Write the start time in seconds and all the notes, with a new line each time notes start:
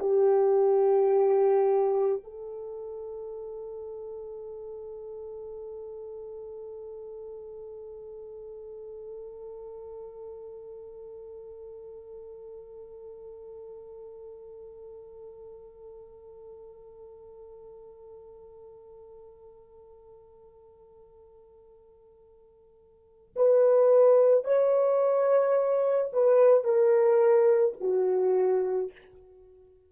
0.00 G4
2.24 A4
23.36 B4
24.45 C#5
26.13 B4
26.65 A#4
27.81 F#4